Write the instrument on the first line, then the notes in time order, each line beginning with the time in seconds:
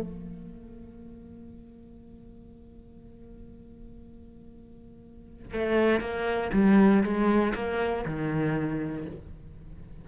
cello
0.00 A#3
5.53 A3
6.00 A#3
6.52 G3
7.03 G#3
7.54 A#3
8.05 D#3